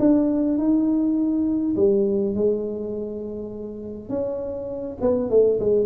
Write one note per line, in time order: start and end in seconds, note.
0.00 0.59 D4
0.59 1.76 D#4
1.76 2.35 G3
2.35 4.10 G#3
4.10 4.98 C#4
5.01 5.30 B3
5.30 5.60 A3
5.60 5.86 G#3